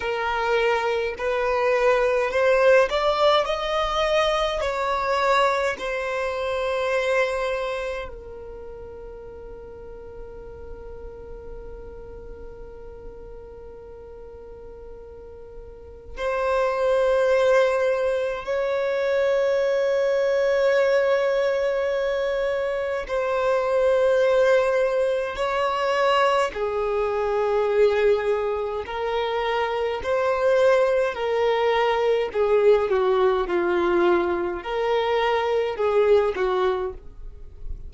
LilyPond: \new Staff \with { instrumentName = "violin" } { \time 4/4 \tempo 4 = 52 ais'4 b'4 c''8 d''8 dis''4 | cis''4 c''2 ais'4~ | ais'1~ | ais'2 c''2 |
cis''1 | c''2 cis''4 gis'4~ | gis'4 ais'4 c''4 ais'4 | gis'8 fis'8 f'4 ais'4 gis'8 fis'8 | }